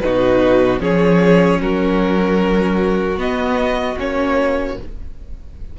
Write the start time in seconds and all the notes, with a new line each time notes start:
0.00 B2 D#4 F#4 B4
0.80 F3 C#4 G#4 C#5
1.61 F#3 F#4 A#4
3.17 B3 D#5
3.98 A#3 C#4 C#5